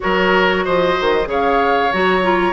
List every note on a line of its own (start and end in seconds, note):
0.00 0.67 F#3
0.00 1.25 F#4
0.00 0.64 A#4
0.00 0.64 C#5
0.64 0.99 F3
0.64 1.28 C5
0.64 1.28 D#5
1.00 1.26 D#3
1.25 1.89 C#3
1.25 1.89 G#4
1.25 2.53 C#5
1.32 1.92 F5
1.92 2.53 F#3
1.92 2.22 F#4
1.92 2.53 A#5
2.22 2.53 F4